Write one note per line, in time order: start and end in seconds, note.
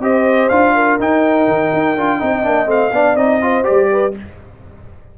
0.00 0.48 C4
0.00 0.50 G4
0.00 0.74 C5
0.00 0.49 D#5
0.49 0.98 D4
0.49 1.00 F4
0.49 0.97 F5
0.74 2.20 A#4
0.99 1.47 D#4
0.99 1.97 D#4
0.99 2.70 G5
1.48 1.72 D#3
1.73 1.96 D#4
1.96 2.20 D4
1.96 2.19 F4
2.19 2.46 C4
2.19 2.43 D#4
2.19 2.93 D#5
2.43 2.66 A#3
2.43 2.66 D4
2.66 2.90 A3
2.66 2.90 C4
2.66 3.16 F5
2.91 3.15 B3
2.91 3.17 D4
2.91 3.42 D5
3.15 3.64 C4
3.15 3.41 D#4
3.15 3.64 D#5
3.41 3.63 F4
3.41 3.91 C5
3.63 4.12 G4
3.63 4.13 D5
3.70 4.18 G3
3.91 4.15 B4